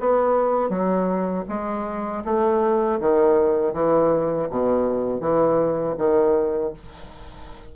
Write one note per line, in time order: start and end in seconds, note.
0.00 0.70 B3
0.70 1.45 F#3
1.49 2.24 G#3
2.25 3.00 A3
3.00 3.74 D#3
3.74 4.49 E3
4.50 5.21 B2
5.21 5.96 E3
5.98 6.73 D#3